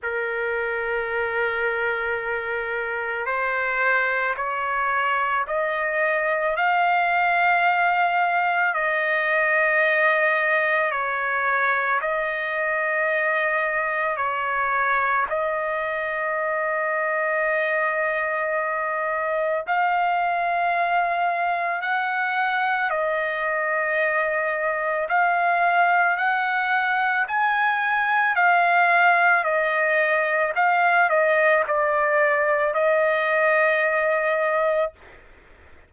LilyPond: \new Staff \with { instrumentName = "trumpet" } { \time 4/4 \tempo 4 = 55 ais'2. c''4 | cis''4 dis''4 f''2 | dis''2 cis''4 dis''4~ | dis''4 cis''4 dis''2~ |
dis''2 f''2 | fis''4 dis''2 f''4 | fis''4 gis''4 f''4 dis''4 | f''8 dis''8 d''4 dis''2 | }